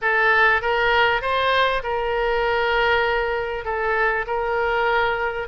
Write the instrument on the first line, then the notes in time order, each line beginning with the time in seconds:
oboe
0.01 A4
0.61 A#4
1.21 C5
1.83 A#4
3.64 A4
4.26 A#4